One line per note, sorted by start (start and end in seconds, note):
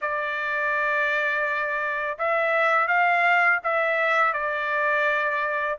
0.01 2.18 D5
2.18 2.87 E5
2.87 3.59 F5
3.63 4.33 E5
4.33 5.78 D5